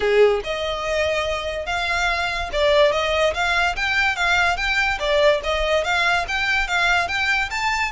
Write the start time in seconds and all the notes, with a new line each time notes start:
0.00 G#4
0.43 D#5
1.66 F5
2.52 D5
2.91 D#5
3.34 F5
3.76 G5
4.16 F5
4.56 G5
4.99 D5
5.43 D#5
5.83 F5
6.27 G5
6.67 F5
7.07 G5
7.50 A5